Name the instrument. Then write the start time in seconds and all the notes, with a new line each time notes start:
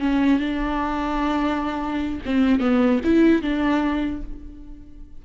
viola
0.00 C#4
0.39 D4
2.25 C4
2.60 B3
3.04 E4
3.42 D4